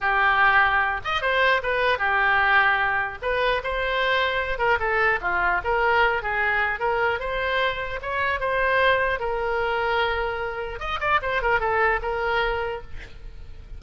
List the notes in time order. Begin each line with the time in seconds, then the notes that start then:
0.01 G4
1.04 D#5
1.21 C5
1.63 B4
1.98 G4
3.21 B4
3.63 C5
4.58 A#4
4.79 A4
5.21 F4
5.63 A#4
6.22 G#4
6.79 A#4
7.19 C5
8.02 C#5
8.39 C5
9.19 A#4
10.79 D#5
11.00 D5
11.22 C5
11.42 A#4
11.60 A4
12.02 A#4